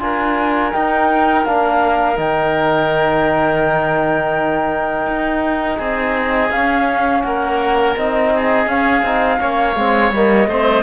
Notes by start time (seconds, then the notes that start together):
0.00 D4 F4 A#4 G#5
0.73 D#4 G5
1.46 A#3 D4 F5
2.17 D#3 D#4 G5
5.07 D#4
5.77 C4 G#4 D#5
6.51 C#4 F5
7.22 A#3 A#4 F#5
7.97 C4 D#4 D#5
8.36 G#4
8.67 C#4 F5
9.03 C4 D#4
9.39 A#3 C#4 C#5
9.76 G#3 C4
10.12 G3 A#3 D#5
10.48 A3 C4 C5